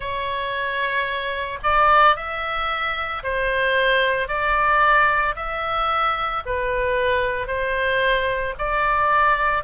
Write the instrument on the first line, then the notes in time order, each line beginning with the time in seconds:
oboe
0.00 C#5
1.63 D5
2.15 E5
3.23 C5
4.28 D5
5.35 E5
6.45 B4
7.47 C5
8.58 D5